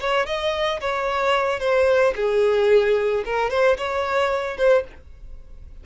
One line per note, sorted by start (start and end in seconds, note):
0.00 0.26 C#5
0.26 0.80 D#5
0.81 1.60 C#5
1.60 2.14 C5
2.16 3.24 G#4
3.25 3.50 A#4
3.50 3.77 C5
3.77 4.57 C#5
4.57 4.84 C5